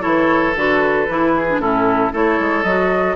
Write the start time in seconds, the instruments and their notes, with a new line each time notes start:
0.00 bassoon E3, clarinet E4, oboe A4, flute C#5
0.56 bassoon D3, clarinet F#4, flute B4
1.08 bassoon E3, clarinet E4
1.36 oboe G#4
1.50 clarinet D4
1.58 bassoon A2, clarinet C#4, oboe E4, flute A4
2.12 bassoon A3, clarinet E4, oboe A4, flute C#5
2.40 bassoon G#3
2.63 bassoon F#3, clarinet F#4, flute D#5